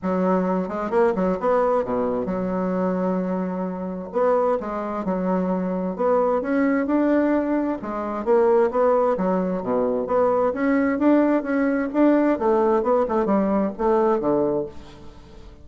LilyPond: \new Staff \with { instrumentName = "bassoon" } { \time 4/4 \tempo 4 = 131 fis4. gis8 ais8 fis8 b4 | b,4 fis2.~ | fis4 b4 gis4 fis4~ | fis4 b4 cis'4 d'4~ |
d'4 gis4 ais4 b4 | fis4 b,4 b4 cis'4 | d'4 cis'4 d'4 a4 | b8 a8 g4 a4 d4 | }